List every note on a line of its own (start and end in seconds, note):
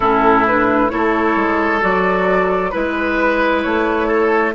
0.00 0.91 A2
0.00 0.46 C#4
0.00 0.91 E4
0.00 0.45 A4
0.47 0.89 D4
0.47 0.89 B4
0.89 1.36 A3
0.89 1.80 E4
0.89 2.71 A4
0.89 1.80 C#5
1.36 1.81 G#3
1.80 2.73 F#3
1.80 2.71 F#4
1.80 2.70 D5
2.70 3.64 G#3
2.70 4.53 E4
2.70 3.61 B4
2.70 4.07 B4
3.62 4.55 A3
3.62 4.53 C#5
4.07 4.52 A4